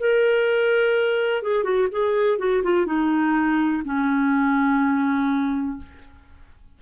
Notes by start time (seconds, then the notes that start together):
0.00 A#4
1.43 G#4
1.64 F#4
1.91 G#4
2.39 F#4
2.63 F4
2.86 D#4
3.84 C#4